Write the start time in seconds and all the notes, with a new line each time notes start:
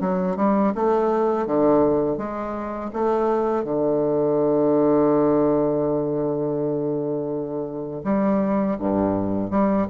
0.00 F#3
0.37 G3
0.75 A3
1.46 D3
2.18 G#3
2.93 A3
3.64 D3
8.04 G3
8.79 G2
9.50 G3